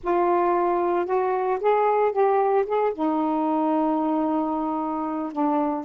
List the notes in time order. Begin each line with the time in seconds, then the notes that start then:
0.03 F4
1.05 F#4
1.60 G#4
2.12 G4
2.66 G#4
2.93 D#4
5.32 D4